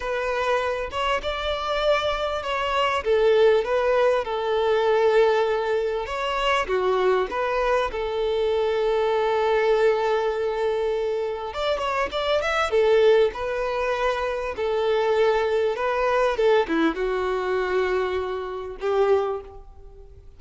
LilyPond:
\new Staff \with { instrumentName = "violin" } { \time 4/4 \tempo 4 = 99 b'4. cis''8 d''2 | cis''4 a'4 b'4 a'4~ | a'2 cis''4 fis'4 | b'4 a'2.~ |
a'2. d''8 cis''8 | d''8 e''8 a'4 b'2 | a'2 b'4 a'8 e'8 | fis'2. g'4 | }